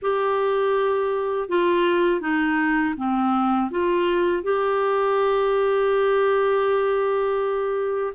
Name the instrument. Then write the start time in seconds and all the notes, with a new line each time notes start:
clarinet
0.02 G4
1.48 F4
2.21 D#4
2.97 C4
3.70 F4
4.43 G4